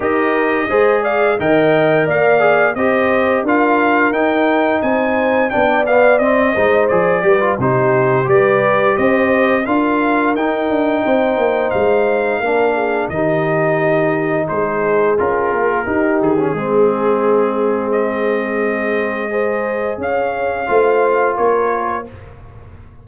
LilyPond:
<<
  \new Staff \with { instrumentName = "trumpet" } { \time 4/4 \tempo 4 = 87 dis''4. f''8 g''4 f''4 | dis''4 f''4 g''4 gis''4 | g''8 f''8 dis''4 d''4 c''4 | d''4 dis''4 f''4 g''4~ |
g''4 f''2 dis''4~ | dis''4 c''4 ais'4. gis'8~ | gis'2 dis''2~ | dis''4 f''2 cis''4 | }
  \new Staff \with { instrumentName = "horn" } { \time 4/4 ais'4 c''8 d''8 dis''4 d''4 | c''4 ais'2 c''4 | d''4. c''4 b'8 g'4 | b'4 c''4 ais'2 |
c''2 ais'8 gis'8 g'4~ | g'4 gis'2 g'4 | gis'1 | c''4 cis''4 c''4 ais'4 | }
  \new Staff \with { instrumentName = "trombone" } { \time 4/4 g'4 gis'4 ais'4. gis'8 | g'4 f'4 dis'2 | d'8 b8 c'8 dis'8 gis'8 g'16 f'16 dis'4 | g'2 f'4 dis'4~ |
dis'2 d'4 dis'4~ | dis'2 f'4 dis'8. cis'16 | c'1 | gis'2 f'2 | }
  \new Staff \with { instrumentName = "tuba" } { \time 4/4 dis'4 gis4 dis4 ais4 | c'4 d'4 dis'4 c'4 | b4 c'8 gis8 f8 g8 c4 | g4 c'4 d'4 dis'8 d'8 |
c'8 ais8 gis4 ais4 dis4~ | dis4 gis4 cis'8 ais8 dis'8 dis8 | gis1~ | gis4 cis'4 a4 ais4 | }
>>